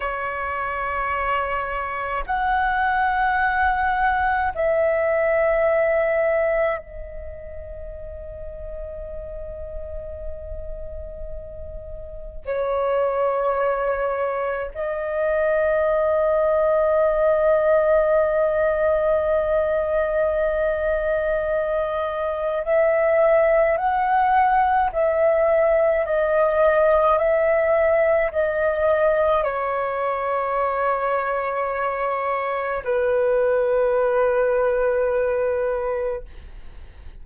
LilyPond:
\new Staff \with { instrumentName = "flute" } { \time 4/4 \tempo 4 = 53 cis''2 fis''2 | e''2 dis''2~ | dis''2. cis''4~ | cis''4 dis''2.~ |
dis''1 | e''4 fis''4 e''4 dis''4 | e''4 dis''4 cis''2~ | cis''4 b'2. | }